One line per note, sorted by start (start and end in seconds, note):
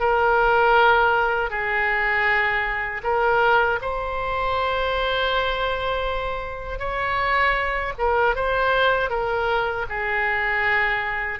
0.00 1.50 A#4
1.50 3.02 G#4
3.04 3.80 A#4
3.81 6.79 C5
6.79 7.93 C#5
7.99 8.36 A#4
8.36 9.10 C5
9.10 9.86 A#4
9.89 11.40 G#4